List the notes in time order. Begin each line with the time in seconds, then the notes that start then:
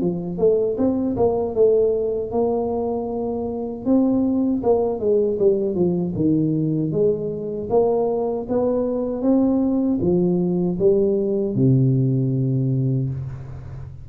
0.00 F3
0.38 A3
0.77 C4
1.16 A#3
1.54 A3
2.31 A#3
3.85 C4
4.63 A#3
4.99 G#3
5.38 G3
5.74 F3
6.15 D#3
6.91 G#3
7.70 A#3
8.49 B3
9.22 C4
10.00 F3
10.79 G3
11.55 C3